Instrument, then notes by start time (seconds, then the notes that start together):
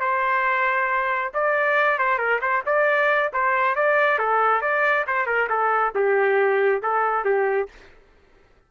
trumpet
0.00 C5
1.34 D5
1.98 C5
2.18 A#4
2.41 C5
2.66 D5
3.33 C5
3.75 D5
4.18 A4
4.61 D5
5.07 C5
5.26 A#4
5.49 A4
5.95 G4
6.82 A4
7.25 G4